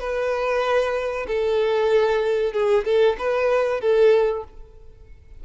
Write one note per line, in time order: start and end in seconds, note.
0.00 1.26 B4
1.27 2.52 A4
2.52 2.84 G#4
2.84 3.16 A4
3.18 3.81 B4
3.81 4.44 A4